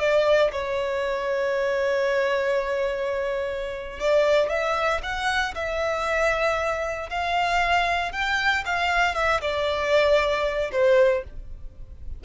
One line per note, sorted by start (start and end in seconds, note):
0.00 0.52 D5
0.52 4.00 C#5
4.00 4.50 D5
4.50 5.01 E5
5.03 5.55 F#5
5.55 7.10 E5
7.10 8.12 F5
8.12 8.64 G5
8.66 9.15 F5
9.15 9.41 E5
9.42 10.71 D5
10.72 11.24 C5